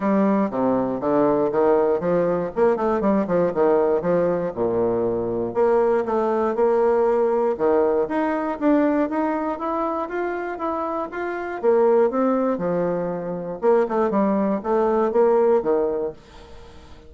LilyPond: \new Staff \with { instrumentName = "bassoon" } { \time 4/4 \tempo 4 = 119 g4 c4 d4 dis4 | f4 ais8 a8 g8 f8 dis4 | f4 ais,2 ais4 | a4 ais2 dis4 |
dis'4 d'4 dis'4 e'4 | f'4 e'4 f'4 ais4 | c'4 f2 ais8 a8 | g4 a4 ais4 dis4 | }